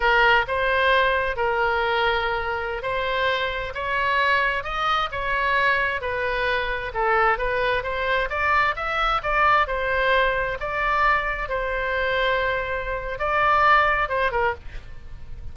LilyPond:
\new Staff \with { instrumentName = "oboe" } { \time 4/4 \tempo 4 = 132 ais'4 c''2 ais'4~ | ais'2~ ais'16 c''4.~ c''16~ | c''16 cis''2 dis''4 cis''8.~ | cis''4~ cis''16 b'2 a'8.~ |
a'16 b'4 c''4 d''4 e''8.~ | e''16 d''4 c''2 d''8.~ | d''4~ d''16 c''2~ c''8.~ | c''4 d''2 c''8 ais'8 | }